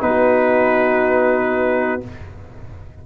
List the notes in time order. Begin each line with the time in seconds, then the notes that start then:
0.00 B3 D#4 F#4 B4